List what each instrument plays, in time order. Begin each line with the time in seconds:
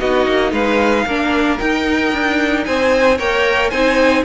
0.00 cello B3, viola D#4, violin F#4 D#5
0.27 cello A#3
0.52 cello G#3, violin B4 F5
1.06 cello A#3, viola D4, violin A#4
1.59 viola D#4, cello D#4, violin G5
2.13 cello D4
2.65 cello C4, violin C5 G#5
3.18 cello A#3, viola A#4, violin C#5 G5
3.70 cello C4, viola D#4, violin C5 G#5